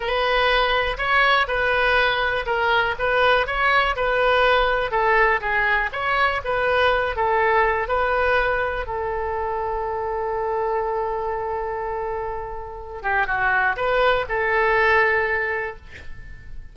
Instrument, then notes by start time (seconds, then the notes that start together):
oboe
0.00 B4
0.97 C#5
1.47 B4
2.46 A#4
2.98 B4
3.46 C#5
3.95 B4
4.91 A4
5.41 G#4
5.92 C#5
6.44 B4
7.16 A4
7.88 B4
8.86 A4
13.02 G4
13.27 F#4
13.76 B4
14.28 A4